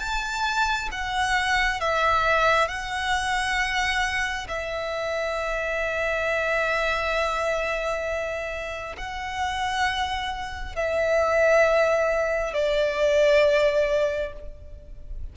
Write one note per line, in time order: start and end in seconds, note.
0.00 0.90 A5
0.92 1.81 F#5
1.81 2.68 E5
2.68 4.47 F#5
4.49 8.97 E5
8.98 10.76 F#5
10.76 12.54 E5
12.54 14.33 D5